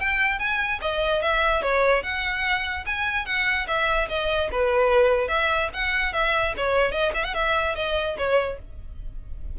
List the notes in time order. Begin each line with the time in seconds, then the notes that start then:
0.00 G5
0.39 G#5
0.81 D#5
1.22 E5
1.62 C#5
2.03 F#5
2.86 G#5
3.26 F#5
3.67 E5
4.09 D#5
4.51 B4
5.28 E5
5.73 F#5
6.13 E5
6.57 C#5
6.92 D#5
7.14 E5
7.24 F#5
7.34 E5
7.76 D#5
8.18 C#5